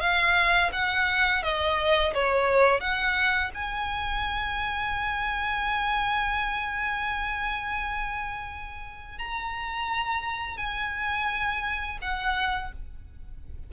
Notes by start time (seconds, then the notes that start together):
0.00 F5
0.73 F#5
1.43 D#5
2.14 C#5
2.80 F#5
3.54 G#5
9.19 A#5
10.58 G#5
12.02 F#5